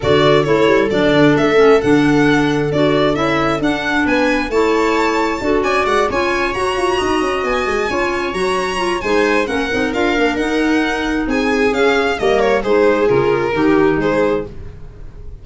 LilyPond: <<
  \new Staff \with { instrumentName = "violin" } { \time 4/4 \tempo 4 = 133 d''4 cis''4 d''4 e''4 | fis''2 d''4 e''4 | fis''4 gis''4 a''2~ | a''8 gis''8 fis''8 gis''4 ais''4.~ |
ais''8 gis''2 ais''4. | gis''4 fis''4 f''4 fis''4~ | fis''4 gis''4 f''4 dis''8 cis''8 | c''4 ais'2 c''4 | }
  \new Staff \with { instrumentName = "viola" } { \time 4/4 a'1~ | a'1~ | a'4 b'4 cis''2 | a'8 d''4 cis''2 dis''8~ |
dis''4. cis''2~ cis''8 | c''4 ais'2.~ | ais'4 gis'2 ais'4 | gis'2 g'4 gis'4 | }
  \new Staff \with { instrumentName = "clarinet" } { \time 4/4 fis'4 e'4 d'4. cis'8 | d'2 fis'4 e'4 | d'2 e'2 | fis'4. f'4 fis'4.~ |
fis'4. f'4 fis'4 f'8 | dis'4 cis'8 dis'8 f'8 d'8 dis'4~ | dis'2 cis'4 ais4 | dis'4 f'4 dis'2 | }
  \new Staff \with { instrumentName = "tuba" } { \time 4/4 d4 a8 g8 fis8 d8 a4 | d2 d'4 cis'4 | d'4 b4 a2 | d'8 cis'8 gis8 cis'4 fis'8 f'8 dis'8 |
cis'8 b8 gis8 cis'4 fis4. | gis4 ais8 c'8 d'8 ais8 dis'4~ | dis'4 c'4 cis'4 g4 | gis4 cis4 dis4 gis4 | }
>>